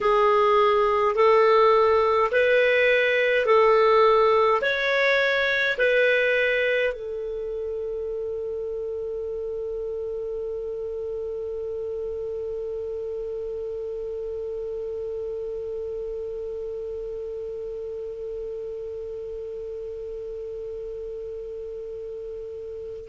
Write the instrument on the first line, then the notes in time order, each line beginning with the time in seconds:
clarinet
0.00 G#4
1.15 A4
2.31 B4
3.46 A4
4.61 C#5
5.77 B4
6.93 A4